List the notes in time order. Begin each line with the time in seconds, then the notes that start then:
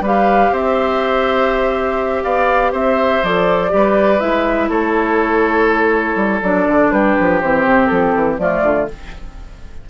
0.00 G3 G4 B4
0.06 F5
0.51 C4 C5 E5
2.23 B3 D5 F5
2.72 C4 C5 E5
3.22 F3 A4 D5
3.69 G3 G4
3.75 B4
4.19 G#3 E4 E5
4.69 A3 A4 C#5
6.15 G3
6.42 F#3 D4 D5
6.67 D3
6.91 G3 G4 B4
7.19 F3
7.41 E3 C4 C5
7.65 C3
7.86 F3 A4
8.14 E3
8.38 F3 A3 F4 D5
8.62 D3